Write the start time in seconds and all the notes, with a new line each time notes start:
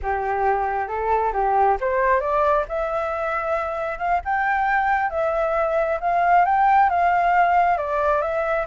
0.02 G4
0.88 A4
1.33 G4
1.80 C5
2.20 D5
2.68 E5
3.98 F5
4.24 G5
5.10 E5
6.00 F5
6.45 G5
6.89 F5
7.77 D5
8.21 E5